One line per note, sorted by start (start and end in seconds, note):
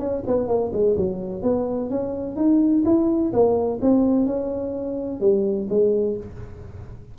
0.00 0.24 C#4
0.27 0.48 B3
0.48 0.72 A#3
0.73 0.97 G#3
0.97 1.43 F#3
1.43 1.90 B3
1.90 2.37 C#4
2.37 2.84 D#4
2.86 3.33 E4
3.33 3.81 A#3
3.82 4.26 C4
4.26 5.21 C#4
5.21 5.68 G3
5.70 6.17 G#3